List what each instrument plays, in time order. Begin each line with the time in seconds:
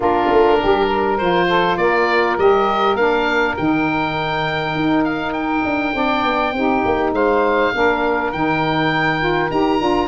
0.00 tuba A#3, saxophone D4 F4, oboe A#4
0.31 tuba A3
0.61 tuba G3, saxophone G4
0.87 saxophone A#4
1.18 tuba F3, saxophone F4, oboe C5
1.48 saxophone A4
1.77 tuba A#3, saxophone A#4, oboe D5
2.38 tuba G3, saxophone G4, oboe D#5
2.94 tuba A#3, saxophone D4, oboe F5
3.57 tuba D#3, saxophone D#4, oboe G5
4.74 tuba D#4
5.04 oboe F5
5.32 oboe G5
5.64 tuba D4
5.92 tuba C4, saxophone D4 D5
6.23 tuba B3
6.52 tuba C4, saxophone D#4 G4
6.85 tuba A#3
7.12 tuba G#3, saxophone C5, oboe F5
7.73 tuba A#3, saxophone D4 A#4
8.32 tuba D#3, saxophone D#4, oboe G5
9.20 saxophone F4
9.50 tuba D#4, saxophone G4, oboe A#5
9.78 tuba D4, saxophone F4